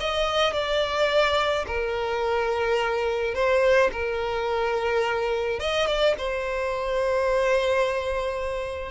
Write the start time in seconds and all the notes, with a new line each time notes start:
0.00 D#5
0.53 D5
1.67 A#4
3.34 C5
3.92 A#4
5.60 D#5
5.87 D5
6.18 C5